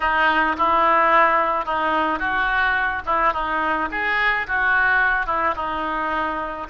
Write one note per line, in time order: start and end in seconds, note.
0.00 0.56 D#4
0.58 1.65 E4
1.65 2.19 D#4
2.19 3.02 F#4
3.06 3.33 E4
3.33 3.88 D#4
3.91 4.46 G#4
4.47 5.26 F#4
5.26 5.54 E4
5.56 6.67 D#4